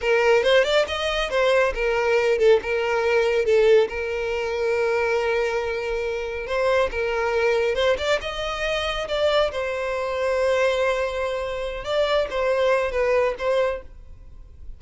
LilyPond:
\new Staff \with { instrumentName = "violin" } { \time 4/4 \tempo 4 = 139 ais'4 c''8 d''8 dis''4 c''4 | ais'4. a'8 ais'2 | a'4 ais'2.~ | ais'2. c''4 |
ais'2 c''8 d''8 dis''4~ | dis''4 d''4 c''2~ | c''2.~ c''8 d''8~ | d''8 c''4. b'4 c''4 | }